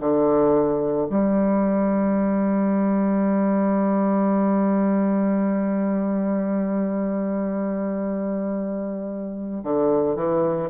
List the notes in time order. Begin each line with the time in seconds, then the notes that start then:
0.00 D3
1.10 G3
9.64 D3
10.16 E3